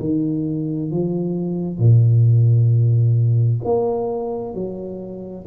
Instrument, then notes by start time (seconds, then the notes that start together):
tuba
0.00 D#3
0.91 F3
1.79 A#2
3.64 A#3
4.54 F#3